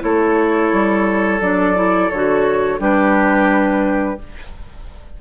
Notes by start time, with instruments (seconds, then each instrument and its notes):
0.00 bassoon A3, clarinet E4, oboe A4, flute C#5
0.73 bassoon G3
1.41 bassoon F#3, clarinet D4, flute D5
1.75 clarinet E4
2.10 bassoon D3, clarinet F#4, flute C#5
2.79 bassoon G3, clarinet D4, oboe G4, flute B4